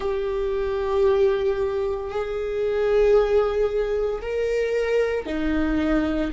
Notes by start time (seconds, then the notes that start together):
0.00 G4
2.10 G#4
4.21 A#4
5.26 D#4